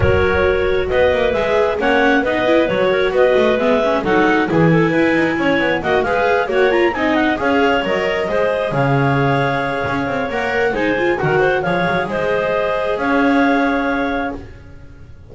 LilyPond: <<
  \new Staff \with { instrumentName = "clarinet" } { \time 4/4 \tempo 4 = 134 cis''2 dis''4 e''4 | fis''4 dis''4 cis''4 dis''4 | e''4 fis''4 gis''2~ | gis''4 fis''8 f''4 fis''8 ais''8 gis''8 |
fis''8 f''4 dis''2 f''8~ | f''2. fis''4 | gis''4 fis''4 f''4 dis''4~ | dis''4 f''2. | }
  \new Staff \with { instrumentName = "clarinet" } { \time 4/4 ais'2 b'2 | cis''4 b'4. ais'8 b'4~ | b'4 a'4 gis'8 a'8 b'4 | cis''4 dis''8 b'4 cis''4 dis''8~ |
dis''8 cis''2 c''4 cis''8~ | cis''1 | c''4 ais'8 c''8 cis''4 c''4~ | c''4 cis''2. | }
  \new Staff \with { instrumentName = "viola" } { \time 4/4 fis'2. gis'4 | cis'4 dis'8 e'8 fis'2 | b8 cis'8 dis'4 e'2~ | e'4 fis'8 gis'4 fis'8 f'8 dis'8~ |
dis'8 gis'4 ais'4 gis'4.~ | gis'2. ais'4 | dis'8 f'8 fis'4 gis'2~ | gis'1 | }
  \new Staff \with { instrumentName = "double bass" } { \time 4/4 fis2 b8 ais8 gis4 | ais4 b4 fis4 b8 a8 | gis4 fis4 e4 e'8 dis'8 | cis'8 b8 ais8 gis4 ais4 c'8~ |
c'8 cis'4 fis4 gis4 cis8~ | cis2 cis'8 c'8 ais4 | gis4 dis4 f8 fis8 gis4~ | gis4 cis'2. | }
>>